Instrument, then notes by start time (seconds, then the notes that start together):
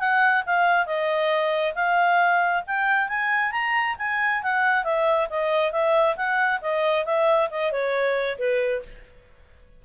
clarinet
0.00 F#5
0.47 F5
0.86 D#5
1.75 F5
2.67 G5
3.09 G#5
3.52 A#5
3.99 G#5
4.43 F#5
4.84 E5
5.30 D#5
5.72 E5
6.17 F#5
6.62 D#5
7.06 E5
7.51 D#5
7.72 C#5
8.39 B4